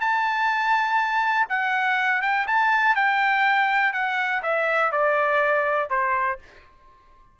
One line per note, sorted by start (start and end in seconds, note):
0.00 1.48 A5
1.49 2.22 F#5
2.22 2.46 G5
2.47 2.95 A5
2.95 3.93 G5
3.93 4.42 F#5
4.42 4.92 E5
4.92 5.90 D5
5.90 6.39 C5